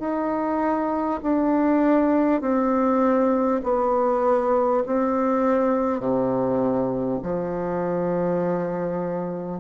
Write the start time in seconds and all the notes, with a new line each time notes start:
0.00 D#4
1.23 D4
2.41 C4
3.64 B3
4.87 C4
6.00 C3
7.23 F3